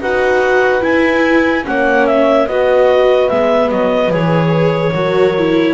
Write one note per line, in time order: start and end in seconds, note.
0.00 0.82 D#4
0.00 0.80 F#4
0.00 1.65 B4
0.00 0.82 F#5
0.80 1.63 E4
0.80 1.65 E4
0.80 1.65 G#5
1.64 2.48 A#3
1.64 2.46 C#4
1.64 2.47 C#5
1.64 2.06 F#5
2.06 2.47 E5
2.47 3.30 B3
2.47 3.30 F#4
2.47 4.94 B4
2.47 3.29 D#5
3.29 3.71 G#3
3.29 4.10 B3
3.29 3.70 E5
3.70 4.10 F#3
3.70 4.11 D#5
4.10 4.92 E3
4.10 4.92 G#4
4.10 5.74 C#5
4.92 5.74 F#3
4.92 5.35 F#4
4.92 5.74 A#4
5.38 5.74 E4